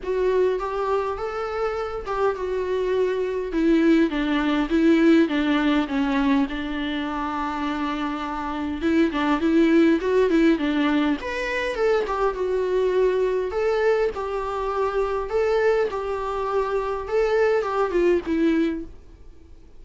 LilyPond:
\new Staff \with { instrumentName = "viola" } { \time 4/4 \tempo 4 = 102 fis'4 g'4 a'4. g'8 | fis'2 e'4 d'4 | e'4 d'4 cis'4 d'4~ | d'2. e'8 d'8 |
e'4 fis'8 e'8 d'4 b'4 | a'8 g'8 fis'2 a'4 | g'2 a'4 g'4~ | g'4 a'4 g'8 f'8 e'4 | }